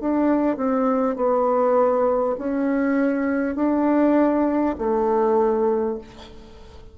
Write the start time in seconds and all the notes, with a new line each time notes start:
0.00 D4
0.56 C4
1.16 B3
2.38 C#4
3.55 D4
4.78 A3